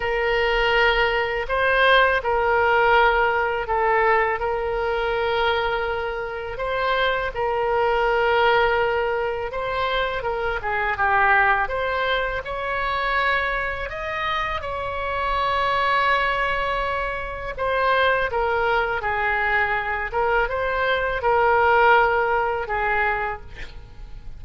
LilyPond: \new Staff \with { instrumentName = "oboe" } { \time 4/4 \tempo 4 = 82 ais'2 c''4 ais'4~ | ais'4 a'4 ais'2~ | ais'4 c''4 ais'2~ | ais'4 c''4 ais'8 gis'8 g'4 |
c''4 cis''2 dis''4 | cis''1 | c''4 ais'4 gis'4. ais'8 | c''4 ais'2 gis'4 | }